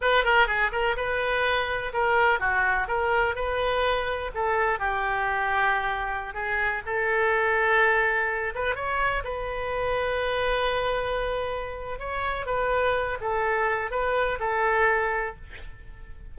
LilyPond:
\new Staff \with { instrumentName = "oboe" } { \time 4/4 \tempo 4 = 125 b'8 ais'8 gis'8 ais'8 b'2 | ais'4 fis'4 ais'4 b'4~ | b'4 a'4 g'2~ | g'4~ g'16 gis'4 a'4.~ a'16~ |
a'4.~ a'16 b'8 cis''4 b'8.~ | b'1~ | b'4 cis''4 b'4. a'8~ | a'4 b'4 a'2 | }